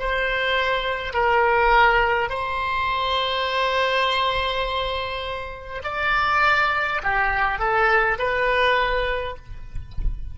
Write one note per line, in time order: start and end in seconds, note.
0.00 1.13 C5
1.13 2.29 A#4
2.29 5.82 C5
5.84 7.02 D5
7.04 7.59 G4
7.59 8.18 A4
8.19 9.36 B4